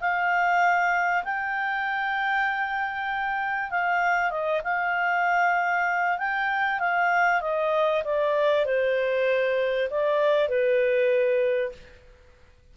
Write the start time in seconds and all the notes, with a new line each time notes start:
0.00 F5
1.24 G5
3.71 F5
4.30 D#5
4.64 F5
6.18 G5
6.79 F5
7.41 D#5
8.04 D5
8.65 C5
9.90 D5
10.48 B4